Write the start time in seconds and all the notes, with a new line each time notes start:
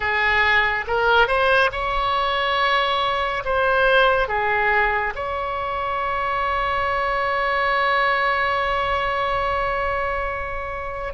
0.00 G#4
0.87 A#4
1.27 C5
1.71 C#5
3.44 C5
4.28 G#4
5.15 C#5